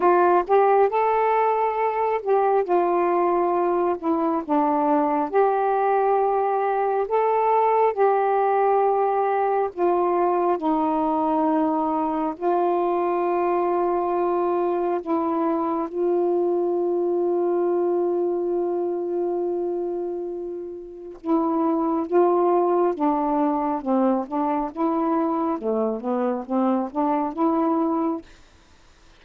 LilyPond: \new Staff \with { instrumentName = "saxophone" } { \time 4/4 \tempo 4 = 68 f'8 g'8 a'4. g'8 f'4~ | f'8 e'8 d'4 g'2 | a'4 g'2 f'4 | dis'2 f'2~ |
f'4 e'4 f'2~ | f'1 | e'4 f'4 d'4 c'8 d'8 | e'4 a8 b8 c'8 d'8 e'4 | }